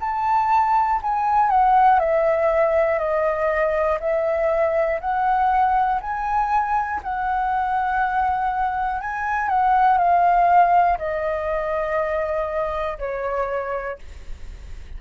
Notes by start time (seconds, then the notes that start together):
0.00 A5
1.02 G#5
1.49 F#5
1.99 E5
2.98 D#5
4.00 E5
5.00 F#5
6.00 G#5
7.03 F#5
9.00 G#5
9.49 F#5
9.97 F5
10.98 D#5
12.99 C#5